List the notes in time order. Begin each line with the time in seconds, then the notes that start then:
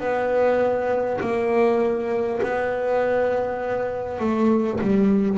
0.00 B3
1.20 A#3
2.43 B3
4.19 A3
4.80 G3